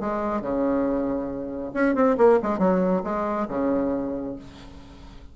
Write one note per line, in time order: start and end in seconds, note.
0.00 0.41 G#3
0.41 1.72 C#3
1.74 1.95 C#4
1.95 2.17 C4
2.17 2.39 A#3
2.42 2.58 G#3
2.58 3.02 F#3
3.04 3.47 G#3
3.48 4.35 C#3